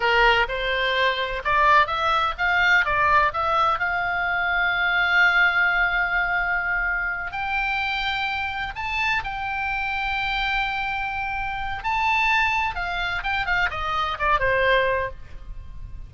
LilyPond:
\new Staff \with { instrumentName = "oboe" } { \time 4/4 \tempo 4 = 127 ais'4 c''2 d''4 | e''4 f''4 d''4 e''4 | f''1~ | f''2.~ f''8 g''8~ |
g''2~ g''8 a''4 g''8~ | g''1~ | g''4 a''2 f''4 | g''8 f''8 dis''4 d''8 c''4. | }